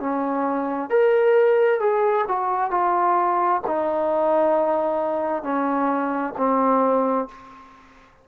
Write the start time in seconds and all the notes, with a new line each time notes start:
0.00 C#4
0.90 A#4
1.80 G#4
2.28 F#4
2.70 F4
3.67 D#4
5.43 C#4
6.37 C4